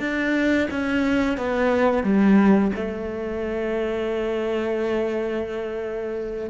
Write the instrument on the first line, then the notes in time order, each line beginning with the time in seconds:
cello
0.00 D4
0.71 C#4
1.37 B3
2.04 G3
2.76 A3